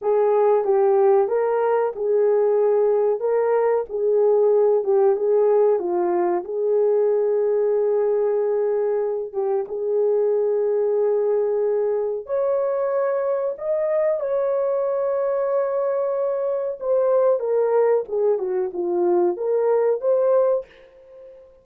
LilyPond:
\new Staff \with { instrumentName = "horn" } { \time 4/4 \tempo 4 = 93 gis'4 g'4 ais'4 gis'4~ | gis'4 ais'4 gis'4. g'8 | gis'4 f'4 gis'2~ | gis'2~ gis'8 g'8 gis'4~ |
gis'2. cis''4~ | cis''4 dis''4 cis''2~ | cis''2 c''4 ais'4 | gis'8 fis'8 f'4 ais'4 c''4 | }